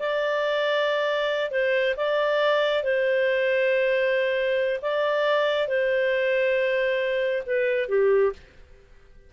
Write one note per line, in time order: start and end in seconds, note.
0.00 1.51 D5
1.51 1.95 C5
1.97 2.84 D5
2.84 4.81 C5
4.82 5.68 D5
5.68 7.43 C5
7.47 7.89 B4
7.89 8.33 G4